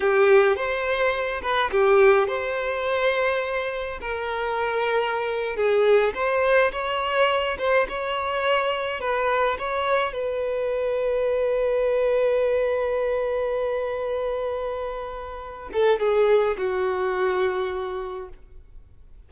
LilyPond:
\new Staff \with { instrumentName = "violin" } { \time 4/4 \tempo 4 = 105 g'4 c''4. b'8 g'4 | c''2. ais'4~ | ais'4.~ ais'16 gis'4 c''4 cis''16~ | cis''4~ cis''16 c''8 cis''2 b'16~ |
b'8. cis''4 b'2~ b'16~ | b'1~ | b'2.~ b'8 a'8 | gis'4 fis'2. | }